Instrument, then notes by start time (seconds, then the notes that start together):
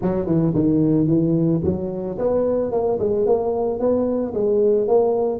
tuba
0.01 F#3
0.26 E3
0.54 D#3
1.07 E3
1.64 F#3
2.18 B3
2.71 A#3
2.99 G#3
3.26 A#3
3.79 B3
4.34 G#3
4.87 A#3